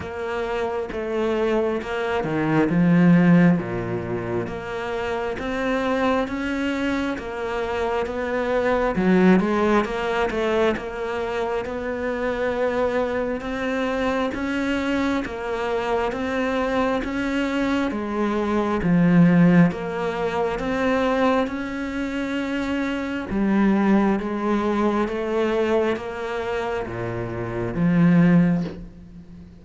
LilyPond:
\new Staff \with { instrumentName = "cello" } { \time 4/4 \tempo 4 = 67 ais4 a4 ais8 dis8 f4 | ais,4 ais4 c'4 cis'4 | ais4 b4 fis8 gis8 ais8 a8 | ais4 b2 c'4 |
cis'4 ais4 c'4 cis'4 | gis4 f4 ais4 c'4 | cis'2 g4 gis4 | a4 ais4 ais,4 f4 | }